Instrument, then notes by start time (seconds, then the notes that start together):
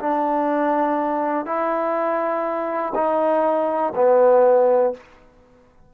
trombone
0.00 D4
1.46 E4
2.95 D#4
3.96 B3